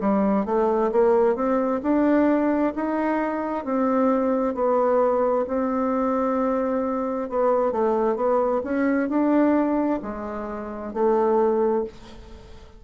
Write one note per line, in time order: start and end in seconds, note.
0.00 0.45 G3
0.45 0.91 A3
0.91 1.35 A#3
1.35 1.81 C4
1.82 2.73 D4
2.75 3.64 D#4
3.64 4.54 C4
4.54 5.45 B3
5.47 7.29 C4
7.29 7.71 B3
7.71 8.16 A3
8.16 8.61 B3
8.64 9.09 C#4
9.09 10.00 D4
10.02 10.93 G#3
10.93 11.84 A3